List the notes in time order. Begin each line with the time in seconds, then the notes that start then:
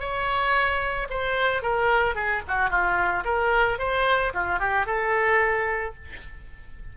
0.00 C#5
1.10 C5
1.62 A#4
2.15 G#4
2.48 F#4
2.70 F4
3.25 A#4
3.79 C5
4.34 F4
4.60 G4
4.86 A4